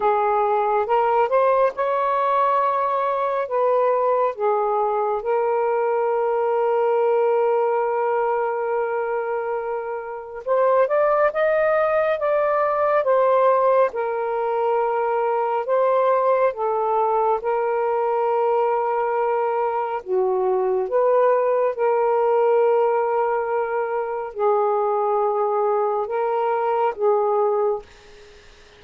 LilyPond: \new Staff \with { instrumentName = "saxophone" } { \time 4/4 \tempo 4 = 69 gis'4 ais'8 c''8 cis''2 | b'4 gis'4 ais'2~ | ais'1 | c''8 d''8 dis''4 d''4 c''4 |
ais'2 c''4 a'4 | ais'2. fis'4 | b'4 ais'2. | gis'2 ais'4 gis'4 | }